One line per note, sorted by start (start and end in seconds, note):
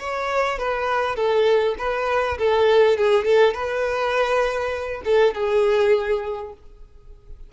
0.00 0.59 C#5
0.59 1.16 B4
1.16 1.76 A4
1.79 2.38 B4
2.39 2.98 A4
2.98 3.25 G#4
3.25 3.54 A4
3.54 5.03 B4
5.05 5.35 A4
5.35 6.54 G#4